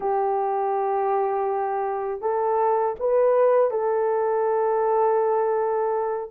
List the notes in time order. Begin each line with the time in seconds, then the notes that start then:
0.00 G4
2.21 A4
2.99 B4
3.70 A4